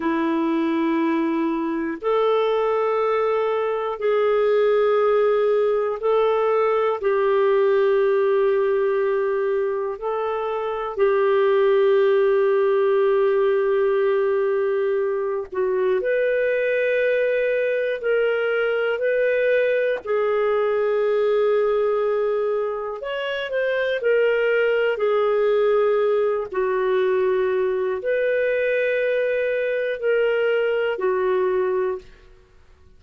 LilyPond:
\new Staff \with { instrumentName = "clarinet" } { \time 4/4 \tempo 4 = 60 e'2 a'2 | gis'2 a'4 g'4~ | g'2 a'4 g'4~ | g'2.~ g'8 fis'8 |
b'2 ais'4 b'4 | gis'2. cis''8 c''8 | ais'4 gis'4. fis'4. | b'2 ais'4 fis'4 | }